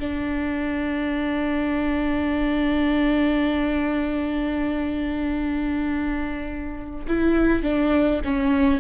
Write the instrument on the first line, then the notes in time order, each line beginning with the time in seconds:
viola
0.00 D4
7.08 E4
7.63 D4
8.25 C#4